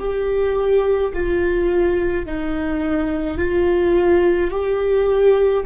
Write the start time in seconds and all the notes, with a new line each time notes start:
0.00 G4
1.14 F4
2.26 D#4
3.38 F4
4.51 G4